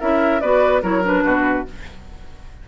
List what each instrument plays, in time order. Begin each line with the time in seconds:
0.00 bassoon C#4, clarinet E4, oboe A#4, flute E5
0.41 bassoon B3, clarinet F#4, oboe B4, flute D5
0.82 bassoon F#3, clarinet E4, oboe A#4, flute C#5
1.04 clarinet D4, flute B4
1.24 bassoon B2, oboe F#4